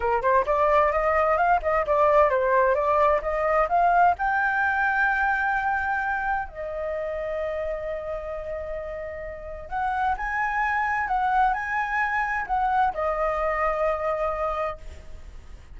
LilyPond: \new Staff \with { instrumentName = "flute" } { \time 4/4 \tempo 4 = 130 ais'8 c''8 d''4 dis''4 f''8 dis''8 | d''4 c''4 d''4 dis''4 | f''4 g''2.~ | g''2 dis''2~ |
dis''1~ | dis''4 fis''4 gis''2 | fis''4 gis''2 fis''4 | dis''1 | }